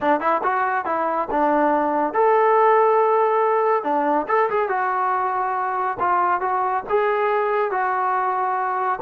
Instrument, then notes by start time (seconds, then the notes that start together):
trombone
0.00 D4
0.20 E4
0.43 F#4
0.85 E4
1.30 D4
2.13 A4
3.83 D4
4.28 A4
4.50 G#4
4.69 F#4
5.99 F4
6.40 F#4
6.89 G#4
7.71 F#4